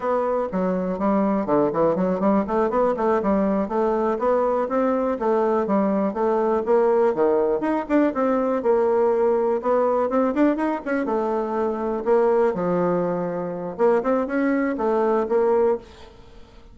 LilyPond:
\new Staff \with { instrumentName = "bassoon" } { \time 4/4 \tempo 4 = 122 b4 fis4 g4 d8 e8 | fis8 g8 a8 b8 a8 g4 a8~ | a8 b4 c'4 a4 g8~ | g8 a4 ais4 dis4 dis'8 |
d'8 c'4 ais2 b8~ | b8 c'8 d'8 dis'8 cis'8 a4.~ | a8 ais4 f2~ f8 | ais8 c'8 cis'4 a4 ais4 | }